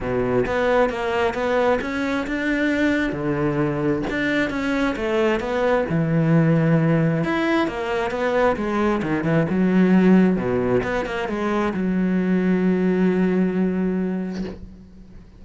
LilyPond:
\new Staff \with { instrumentName = "cello" } { \time 4/4 \tempo 4 = 133 b,4 b4 ais4 b4 | cis'4 d'2 d4~ | d4 d'4 cis'4 a4 | b4 e2. |
e'4 ais4 b4 gis4 | dis8 e8 fis2 b,4 | b8 ais8 gis4 fis2~ | fis1 | }